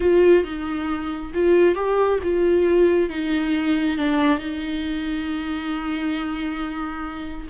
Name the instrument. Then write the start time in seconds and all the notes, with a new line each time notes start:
viola
0.00 F4
0.44 D#4
1.34 F4
1.75 G4
2.23 F4
3.09 D#4
3.97 D4
4.38 D#4